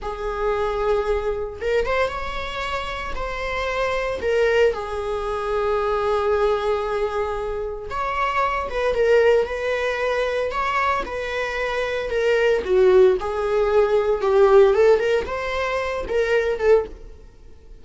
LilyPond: \new Staff \with { instrumentName = "viola" } { \time 4/4 \tempo 4 = 114 gis'2. ais'8 c''8 | cis''2 c''2 | ais'4 gis'2.~ | gis'2. cis''4~ |
cis''8 b'8 ais'4 b'2 | cis''4 b'2 ais'4 | fis'4 gis'2 g'4 | a'8 ais'8 c''4. ais'4 a'8 | }